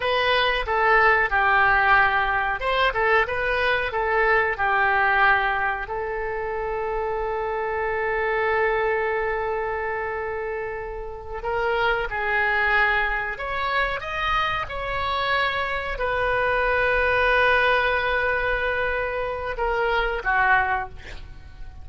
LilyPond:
\new Staff \with { instrumentName = "oboe" } { \time 4/4 \tempo 4 = 92 b'4 a'4 g'2 | c''8 a'8 b'4 a'4 g'4~ | g'4 a'2.~ | a'1~ |
a'4. ais'4 gis'4.~ | gis'8 cis''4 dis''4 cis''4.~ | cis''8 b'2.~ b'8~ | b'2 ais'4 fis'4 | }